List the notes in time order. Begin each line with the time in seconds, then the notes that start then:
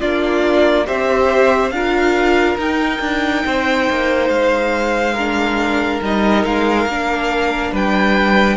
0.00 A#3 D4 F4 D5
0.85 C4 G4 C5 E5
1.70 D4 F4 A#4 F5
2.57 D#4 G5
3.00 D4
3.45 C4 C5
3.89 A#3
4.28 G#3 F5
5.14 D4 A#4
6.01 G3 D#4 D#5
6.44 G#3 F5
6.86 A#3 D4
7.72 G3 B4 G5